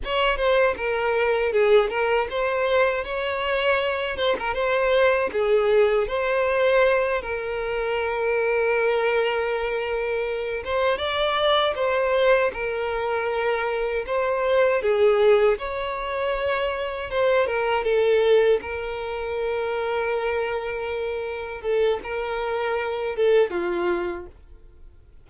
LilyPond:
\new Staff \with { instrumentName = "violin" } { \time 4/4 \tempo 4 = 79 cis''8 c''8 ais'4 gis'8 ais'8 c''4 | cis''4. c''16 ais'16 c''4 gis'4 | c''4. ais'2~ ais'8~ | ais'2 c''8 d''4 c''8~ |
c''8 ais'2 c''4 gis'8~ | gis'8 cis''2 c''8 ais'8 a'8~ | a'8 ais'2.~ ais'8~ | ais'8 a'8 ais'4. a'8 f'4 | }